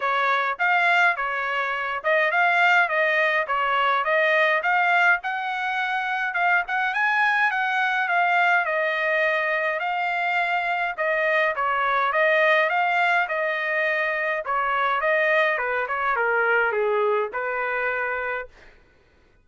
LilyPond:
\new Staff \with { instrumentName = "trumpet" } { \time 4/4 \tempo 4 = 104 cis''4 f''4 cis''4. dis''8 | f''4 dis''4 cis''4 dis''4 | f''4 fis''2 f''8 fis''8 | gis''4 fis''4 f''4 dis''4~ |
dis''4 f''2 dis''4 | cis''4 dis''4 f''4 dis''4~ | dis''4 cis''4 dis''4 b'8 cis''8 | ais'4 gis'4 b'2 | }